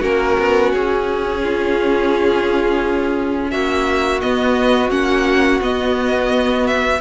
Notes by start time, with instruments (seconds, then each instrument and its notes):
0.00 cello A#3, viola C#4, violin F#4 A#4
0.39 cello B3
0.73 cello C#4, violin G#4
1.43 violin F4
3.51 cello A#3, violin F#4 E5
4.21 viola B3, cello B3, violin D#5
4.90 cello A#3, viola C#4, violin F#5
5.61 cello B3, viola B3, violin D#5
6.68 violin E5